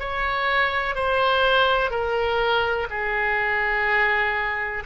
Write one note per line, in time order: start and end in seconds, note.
0.00 0.95 C#5
0.95 1.90 C5
1.90 2.87 A#4
2.90 4.84 G#4